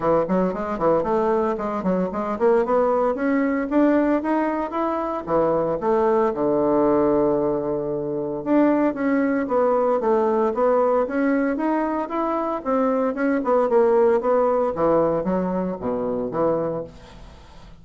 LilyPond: \new Staff \with { instrumentName = "bassoon" } { \time 4/4 \tempo 4 = 114 e8 fis8 gis8 e8 a4 gis8 fis8 | gis8 ais8 b4 cis'4 d'4 | dis'4 e'4 e4 a4 | d1 |
d'4 cis'4 b4 a4 | b4 cis'4 dis'4 e'4 | c'4 cis'8 b8 ais4 b4 | e4 fis4 b,4 e4 | }